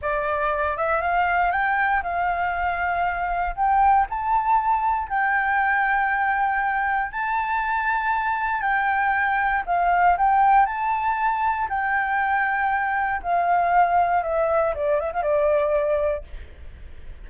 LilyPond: \new Staff \with { instrumentName = "flute" } { \time 4/4 \tempo 4 = 118 d''4. e''8 f''4 g''4 | f''2. g''4 | a''2 g''2~ | g''2 a''2~ |
a''4 g''2 f''4 | g''4 a''2 g''4~ | g''2 f''2 | e''4 d''8 e''16 f''16 d''2 | }